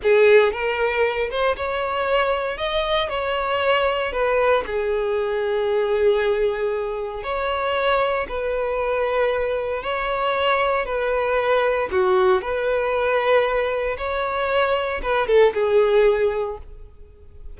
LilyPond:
\new Staff \with { instrumentName = "violin" } { \time 4/4 \tempo 4 = 116 gis'4 ais'4. c''8 cis''4~ | cis''4 dis''4 cis''2 | b'4 gis'2.~ | gis'2 cis''2 |
b'2. cis''4~ | cis''4 b'2 fis'4 | b'2. cis''4~ | cis''4 b'8 a'8 gis'2 | }